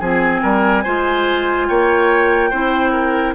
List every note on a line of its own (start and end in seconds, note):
0.00 0.42 F3
0.00 0.86 C4
0.00 0.42 G#4
0.00 1.68 G#5
0.43 0.85 G3
0.43 0.84 A#4
0.84 1.69 G#3
0.84 2.53 F4
0.84 1.67 C5
1.68 2.52 A#3
1.68 2.50 C#5
1.68 3.35 G5
2.50 3.36 C4
2.50 3.36 E4
2.50 2.92 C5
2.93 3.34 A#4